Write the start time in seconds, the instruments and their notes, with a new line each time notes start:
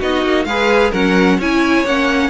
0.00 cello B3, viola D#4, violin F#4 D#5
0.24 cello A#3
0.45 cello G#3, viola G#4, violin B4 F5
0.91 cello F#3, viola C#4, violin A#4 F#5
1.38 cello C#4, viola E4, violin C#5 G#5
1.85 cello A#3, viola C#4, violin F#5